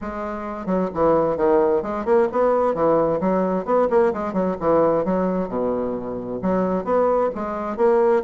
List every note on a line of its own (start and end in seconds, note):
0.01 0.66 G#3
0.66 0.89 F#3
0.94 1.36 E3
1.36 1.82 D#3
1.82 2.05 G#3
2.05 2.28 A#3
2.32 2.74 B3
2.74 3.20 E3
3.20 3.65 F#3
3.65 3.88 B3
3.90 4.13 A#3
4.13 4.33 G#3
4.33 4.56 F#3
4.60 5.04 E3
5.04 5.48 F#3
5.48 6.40 B2
6.41 6.84 F#3
6.84 7.30 B3
7.34 7.76 G#3
7.76 8.22 A#3